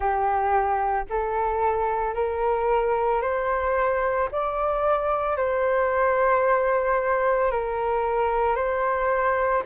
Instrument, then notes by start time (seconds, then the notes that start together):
flute
0.00 G4
1.10 A4
2.14 A#4
3.21 C5
4.31 D5
5.36 C5
7.51 A#4
8.55 C5